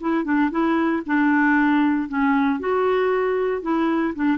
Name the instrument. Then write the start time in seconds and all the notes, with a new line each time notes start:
clarinet
0.00 E4
0.24 D4
0.51 E4
1.06 D4
2.08 C#4
2.59 F#4
3.62 E4
4.15 D4